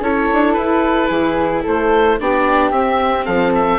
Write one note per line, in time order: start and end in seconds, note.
0.00 0.27 C#4
0.00 2.20 E4
0.00 1.08 A4
0.00 0.53 C#5
0.32 0.57 D4
0.53 1.10 E4
0.53 1.61 B4
1.08 1.64 E3
1.08 1.62 G#4
1.63 2.19 A3
1.63 2.17 A4
1.63 2.20 C5
2.19 2.71 B3
2.19 2.73 D4
2.19 3.25 G4
2.19 2.71 D5
2.71 3.25 C4
2.71 3.79 C4
2.71 3.25 E5
3.25 3.79 F3
3.25 3.79 A4
3.25 3.52 F5
3.55 3.79 E5